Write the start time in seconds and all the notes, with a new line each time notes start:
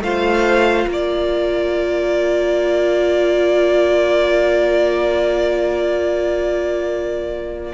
0.00 A3 F4 C5 F5
0.87 A#3 A#4 D5